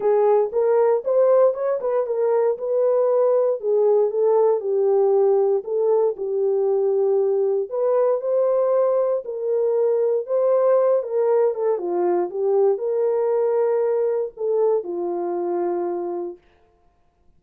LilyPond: \new Staff \with { instrumentName = "horn" } { \time 4/4 \tempo 4 = 117 gis'4 ais'4 c''4 cis''8 b'8 | ais'4 b'2 gis'4 | a'4 g'2 a'4 | g'2. b'4 |
c''2 ais'2 | c''4. ais'4 a'8 f'4 | g'4 ais'2. | a'4 f'2. | }